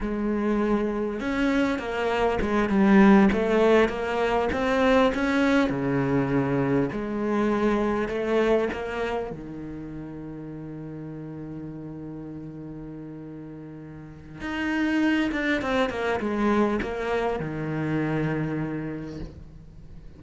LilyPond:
\new Staff \with { instrumentName = "cello" } { \time 4/4 \tempo 4 = 100 gis2 cis'4 ais4 | gis8 g4 a4 ais4 c'8~ | c'8 cis'4 cis2 gis8~ | gis4. a4 ais4 dis8~ |
dis1~ | dis1 | dis'4. d'8 c'8 ais8 gis4 | ais4 dis2. | }